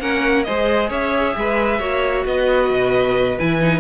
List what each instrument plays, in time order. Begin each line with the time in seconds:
0.00 cello A#3, viola C#4, violin A#4 F#5
0.43 cello G#3, viola G#4, violin C5 D#5
0.89 cello C#4, violin C#5 E5
1.36 cello G#3, violin B4
1.79 cello A#3, viola F#4, violin C#5
2.25 cello B3, violin B4 D#5
2.71 cello B2
3.39 cello E3, viola E4, violin G#5
3.61 viola D#4